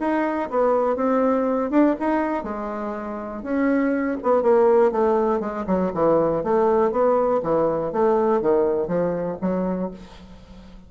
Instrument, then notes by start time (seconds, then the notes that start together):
bassoon
0.00 D#4
0.50 B3
0.96 C4
1.70 D4
1.99 D#4
2.44 G#3
3.43 C#4
4.23 B3
4.42 A#3
4.92 A3
5.40 G#3
5.67 F#3
5.94 E3
6.43 A3
6.92 B3
7.43 E3
7.92 A3
8.41 D#3
8.88 F3
9.41 F#3